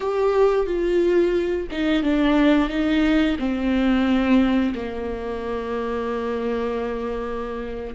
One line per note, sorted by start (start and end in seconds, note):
0.00 0.66 G4
0.66 1.67 F4
1.71 2.03 D#4
2.03 2.69 D4
2.69 3.36 D#4
3.38 4.73 C4
4.74 7.95 A#3